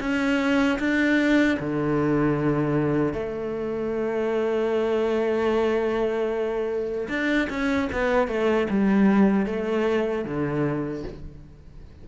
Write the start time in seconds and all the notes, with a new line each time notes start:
0.00 C#4
0.79 D4
1.60 D3
3.13 A3
7.09 D4
7.50 C#4
7.92 B3
8.28 A3
8.70 G3
9.46 A3
10.25 D3